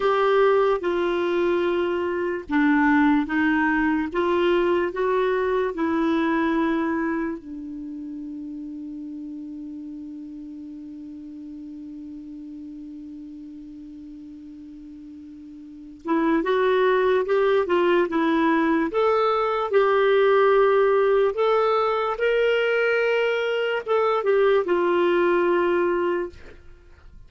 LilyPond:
\new Staff \with { instrumentName = "clarinet" } { \time 4/4 \tempo 4 = 73 g'4 f'2 d'4 | dis'4 f'4 fis'4 e'4~ | e'4 d'2.~ | d'1~ |
d'2.~ d'8 e'8 | fis'4 g'8 f'8 e'4 a'4 | g'2 a'4 ais'4~ | ais'4 a'8 g'8 f'2 | }